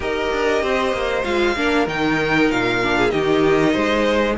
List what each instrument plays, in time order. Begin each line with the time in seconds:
0.00 cello D#4, viola G4, violin A#4 D#5
0.32 cello D4
0.62 cello C4, violin C5
0.92 cello A#3
1.23 cello G#3, viola F4, violin F5
1.55 cello A#3, viola D4, violin A#4
1.86 cello D#3, viola D#4, violin G5
2.50 cello A#2, violin F5
2.82 viola D4
2.97 violin G#4
3.09 cello D#3, viola D#4, violin G4 D#5
3.72 cello G#3, violin C5